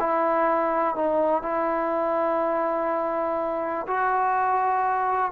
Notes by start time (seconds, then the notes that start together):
0.00 E4
0.95 D#4
1.43 E4
3.88 F#4